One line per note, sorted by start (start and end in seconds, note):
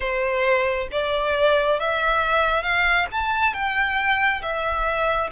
0.00 0.88 C5
0.91 1.79 D5
1.79 2.62 E5
2.62 3.06 F5
3.11 3.53 A5
3.53 4.41 G5
4.42 5.30 E5